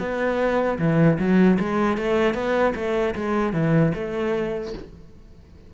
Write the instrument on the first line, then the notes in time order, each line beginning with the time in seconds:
cello
0.00 B3
0.79 E3
1.19 F#3
1.60 G#3
1.98 A3
2.35 B3
2.76 A3
3.15 G#3
3.53 E3
3.95 A3